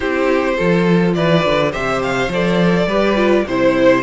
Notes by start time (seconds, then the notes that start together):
0.00 C4 E4 G4 C5
0.56 F3 F4 A4
1.14 E3 B4 D5
1.45 D3
1.71 C3 G4 C5 E5
2.02 F5
2.28 F3 A4 D5
2.86 G3 G4 B4
3.15 F4
3.47 C3 E4 C5